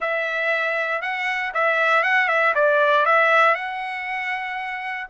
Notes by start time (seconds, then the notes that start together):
0.00 E5
1.01 F#5
1.54 E5
2.03 F#5
2.28 E5
2.54 D5
3.05 E5
3.55 F#5